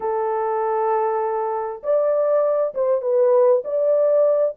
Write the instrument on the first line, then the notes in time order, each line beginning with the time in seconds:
horn
0.00 A4
1.83 D5
2.74 C5
3.01 B4
3.64 D5